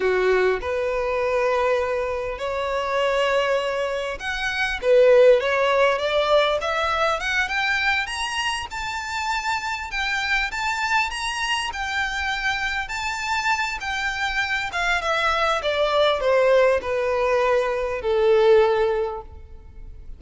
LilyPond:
\new Staff \with { instrumentName = "violin" } { \time 4/4 \tempo 4 = 100 fis'4 b'2. | cis''2. fis''4 | b'4 cis''4 d''4 e''4 | fis''8 g''4 ais''4 a''4.~ |
a''8 g''4 a''4 ais''4 g''8~ | g''4. a''4. g''4~ | g''8 f''8 e''4 d''4 c''4 | b'2 a'2 | }